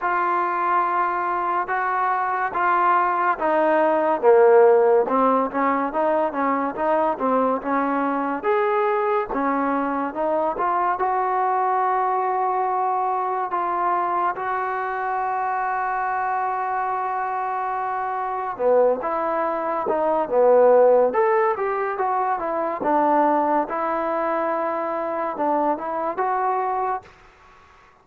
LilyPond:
\new Staff \with { instrumentName = "trombone" } { \time 4/4 \tempo 4 = 71 f'2 fis'4 f'4 | dis'4 ais4 c'8 cis'8 dis'8 cis'8 | dis'8 c'8 cis'4 gis'4 cis'4 | dis'8 f'8 fis'2. |
f'4 fis'2.~ | fis'2 b8 e'4 dis'8 | b4 a'8 g'8 fis'8 e'8 d'4 | e'2 d'8 e'8 fis'4 | }